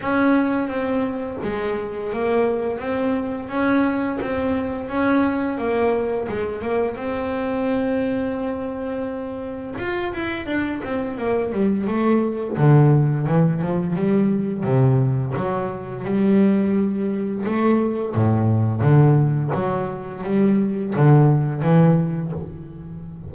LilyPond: \new Staff \with { instrumentName = "double bass" } { \time 4/4 \tempo 4 = 86 cis'4 c'4 gis4 ais4 | c'4 cis'4 c'4 cis'4 | ais4 gis8 ais8 c'2~ | c'2 f'8 e'8 d'8 c'8 |
ais8 g8 a4 d4 e8 f8 | g4 c4 fis4 g4~ | g4 a4 a,4 d4 | fis4 g4 d4 e4 | }